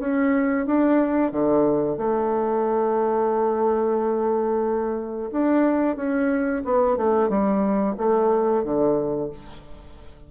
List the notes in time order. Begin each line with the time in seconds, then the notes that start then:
0.00 C#4
0.67 D4
1.32 D3
1.98 A3
5.32 D4
5.96 C#4
6.65 B3
6.98 A3
7.29 G3
7.98 A3
8.64 D3